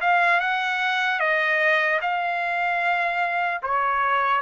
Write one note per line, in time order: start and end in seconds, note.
0.00 0.40 F5
0.40 1.20 F#5
1.20 2.00 D#5
2.01 3.61 F5
3.63 4.41 C#5